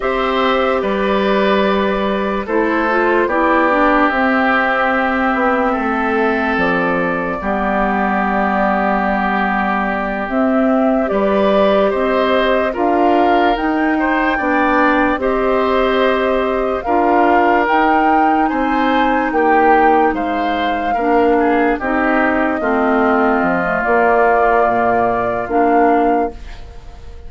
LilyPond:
<<
  \new Staff \with { instrumentName = "flute" } { \time 4/4 \tempo 4 = 73 e''4 d''2 c''4 | d''4 e''2. | d''1~ | d''8 e''4 d''4 dis''4 f''8~ |
f''8 g''2 dis''4.~ | dis''8 f''4 g''4 gis''4 g''8~ | g''8 f''2 dis''4.~ | dis''4 d''2 f''4 | }
  \new Staff \with { instrumentName = "oboe" } { \time 4/4 c''4 b'2 a'4 | g'2. a'4~ | a'4 g'2.~ | g'4. b'4 c''4 ais'8~ |
ais'4 c''8 d''4 c''4.~ | c''8 ais'2 c''4 g'8~ | g'8 c''4 ais'8 gis'8 g'4 f'8~ | f'1 | }
  \new Staff \with { instrumentName = "clarinet" } { \time 4/4 g'2. e'8 f'8 | e'8 d'8 c'2.~ | c'4 b2.~ | b8 c'4 g'2 f'8~ |
f'8 dis'4 d'4 g'4.~ | g'8 f'4 dis'2~ dis'8~ | dis'4. d'4 dis'4 c'8~ | c'8. a16 ais2 d'4 | }
  \new Staff \with { instrumentName = "bassoon" } { \time 4/4 c'4 g2 a4 | b4 c'4. b8 a4 | f4 g2.~ | g8 c'4 g4 c'4 d'8~ |
d'8 dis'4 b4 c'4.~ | c'8 d'4 dis'4 c'4 ais8~ | ais8 gis4 ais4 c'4 a8~ | a8 f8 ais4 ais,4 ais4 | }
>>